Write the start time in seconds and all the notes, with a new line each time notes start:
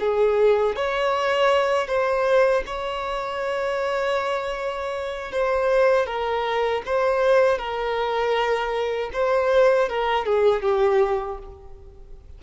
0.00 G#4
0.76 C#5
1.88 C5
2.67 C#5
5.32 C5
6.06 A#4
6.86 C5
7.58 A#4
9.13 C5
9.89 A#4
10.26 G#4
10.62 G4